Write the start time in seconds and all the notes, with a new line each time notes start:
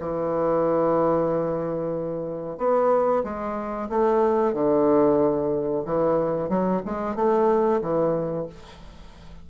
0.00 E3
2.58 B3
3.24 G#3
3.90 A3
4.54 D3
5.85 E3
6.49 F#3
6.86 G#3
7.16 A3
7.82 E3